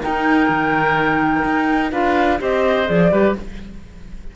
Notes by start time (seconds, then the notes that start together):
0.00 D#4 A#4 G5
0.49 D#3
1.45 D#4
1.91 D4 F4 B4 F5
2.39 C4 G4 C5 D#5
2.86 F3 G#4 D5
3.12 G3 G4 B4